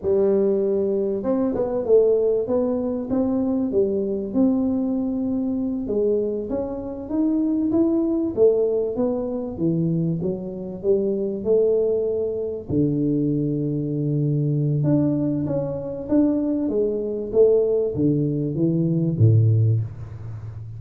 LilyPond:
\new Staff \with { instrumentName = "tuba" } { \time 4/4 \tempo 4 = 97 g2 c'8 b8 a4 | b4 c'4 g4 c'4~ | c'4. gis4 cis'4 dis'8~ | dis'8 e'4 a4 b4 e8~ |
e8 fis4 g4 a4.~ | a8 d2.~ d8 | d'4 cis'4 d'4 gis4 | a4 d4 e4 a,4 | }